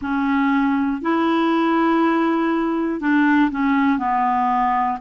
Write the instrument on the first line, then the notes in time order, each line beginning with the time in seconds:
clarinet
0.01 C#4
1.01 E4
3.00 D4
3.50 C#4
3.98 B3